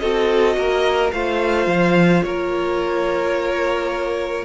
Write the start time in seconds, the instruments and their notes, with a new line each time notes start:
0.00 cello C4, viola F#4, violin A4 D#5
0.57 cello A#3, violin A#4
1.12 cello A3, viola F4, violin C5 F5
1.67 cello F3
2.24 cello A#3, violin A#4 C#5